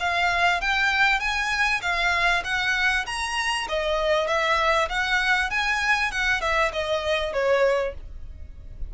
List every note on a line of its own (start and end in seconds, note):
0.00 0.61 F5
0.61 1.20 G5
1.20 1.81 G#5
1.82 2.43 F5
2.44 3.05 F#5
3.06 3.67 A#5
3.68 4.27 D#5
4.27 4.88 E5
4.89 5.50 F#5
5.50 6.11 G#5
6.11 6.41 F#5
6.41 6.72 E5
6.73 7.33 D#5
7.33 7.94 C#5